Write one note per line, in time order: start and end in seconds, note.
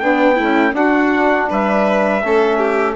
0.00 0.37 B3
0.00 0.40 B3
0.00 0.36 D4
0.00 0.74 G5
0.36 0.74 A3
0.36 0.73 E4
0.43 0.73 C#4
0.73 1.47 D4
0.73 2.22 D4
0.73 1.50 F#4
0.73 1.50 F#5
1.50 2.23 G3
1.50 2.24 B4
1.50 2.96 E5
2.23 2.96 A3
2.23 2.96 C#4
2.23 2.59 A4
2.59 2.96 G4